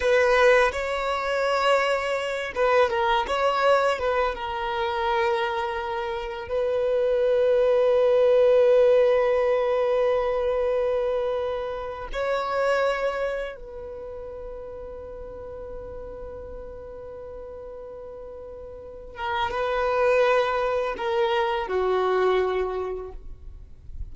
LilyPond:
\new Staff \with { instrumentName = "violin" } { \time 4/4 \tempo 4 = 83 b'4 cis''2~ cis''8 b'8 | ais'8 cis''4 b'8 ais'2~ | ais'4 b'2.~ | b'1~ |
b'8. cis''2 b'4~ b'16~ | b'1~ | b'2~ b'8 ais'8 b'4~ | b'4 ais'4 fis'2 | }